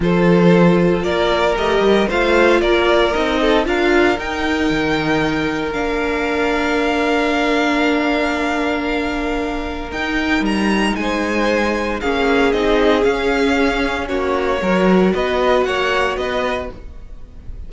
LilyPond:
<<
  \new Staff \with { instrumentName = "violin" } { \time 4/4 \tempo 4 = 115 c''2 d''4 dis''4 | f''4 d''4 dis''4 f''4 | g''2. f''4~ | f''1~ |
f''2. g''4 | ais''4 gis''2 f''4 | dis''4 f''2 cis''4~ | cis''4 dis''4 fis''4 dis''4 | }
  \new Staff \with { instrumentName = "violin" } { \time 4/4 a'2 ais'2 | c''4 ais'4. a'8 ais'4~ | ais'1~ | ais'1~ |
ais'1~ | ais'4 c''2 gis'4~ | gis'2. fis'4 | ais'4 b'4 cis''4 b'4 | }
  \new Staff \with { instrumentName = "viola" } { \time 4/4 f'2. g'4 | f'2 dis'4 f'4 | dis'2. d'4~ | d'1~ |
d'2. dis'4~ | dis'2. cis'4 | dis'4 cis'2. | fis'1 | }
  \new Staff \with { instrumentName = "cello" } { \time 4/4 f2 ais4 a8 g8 | a4 ais4 c'4 d'4 | dis'4 dis2 ais4~ | ais1~ |
ais2. dis'4 | g4 gis2 ais4 | c'4 cis'2 ais4 | fis4 b4 ais4 b4 | }
>>